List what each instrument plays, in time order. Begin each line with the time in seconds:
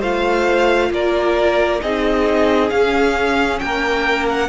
0.00 cello A3, viola F4, violin C5 F5
0.91 cello A#3, violin A#4 D5
1.81 cello C4, viola D#4, violin G#4 D#5
2.70 cello C#4, viola C#4, violin F5
3.59 cello A#3, violin A#4 G5
4.29 violin F#5